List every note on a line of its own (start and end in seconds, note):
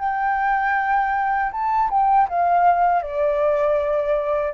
0.00 1.52 G5
1.52 1.90 A5
1.91 2.29 G5
2.29 3.02 F5
3.02 4.54 D5